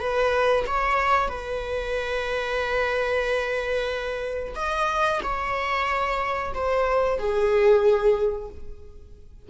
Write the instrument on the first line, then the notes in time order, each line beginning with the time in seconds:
viola
0.00 B4
0.67 C#5
1.29 B4
4.56 D#5
5.23 C#5
6.54 C5
7.19 G#4